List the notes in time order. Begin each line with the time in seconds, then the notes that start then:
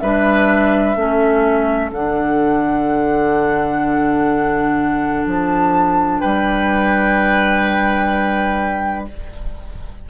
0.00 G3 D4 B4 E5
0.96 A3 C#4 A4
1.91 D3 D4 F#5
5.26 F3 A5
6.20 G3 B4 G5